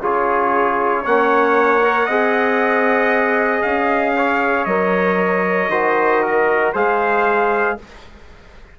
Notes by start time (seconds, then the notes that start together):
0.00 C#3 F4 G#4 C#5
1.02 A#3 C#4 C#5 F#5
1.82 A#4
2.05 C4 G#4 D#5
3.61 C#4 F5
4.16 C#5
4.64 F#3 A#4 D#5
5.68 D#3 F#4 C5
6.22 A#4
6.73 G#3 G#4 C5 F5